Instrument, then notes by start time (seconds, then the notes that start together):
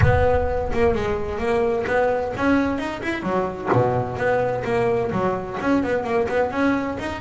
double bass
0.01 B3
0.73 A#3
0.94 G#3
1.38 A#3
1.86 B3
2.36 C#4
2.78 D#4
3.02 E4
3.22 F#3
3.73 B2
4.16 B3
4.64 A#3
5.11 F#3
5.60 C#4
5.83 B3
6.04 A#3
6.28 B3
6.51 C#4
6.99 D#4